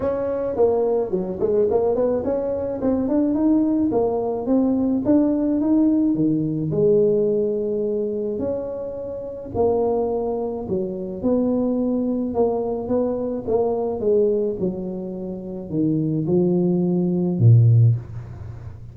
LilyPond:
\new Staff \with { instrumentName = "tuba" } { \time 4/4 \tempo 4 = 107 cis'4 ais4 fis8 gis8 ais8 b8 | cis'4 c'8 d'8 dis'4 ais4 | c'4 d'4 dis'4 dis4 | gis2. cis'4~ |
cis'4 ais2 fis4 | b2 ais4 b4 | ais4 gis4 fis2 | dis4 f2 ais,4 | }